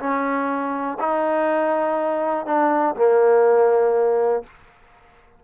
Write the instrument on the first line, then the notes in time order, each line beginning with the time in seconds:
trombone
0.00 C#4
0.99 D#4
2.47 D4
2.96 A#3